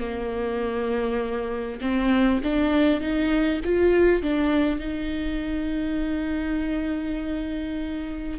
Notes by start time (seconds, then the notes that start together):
0.00 A#3
1.81 C4
2.44 D4
3.01 D#4
3.64 F4
4.22 D4
4.79 D#4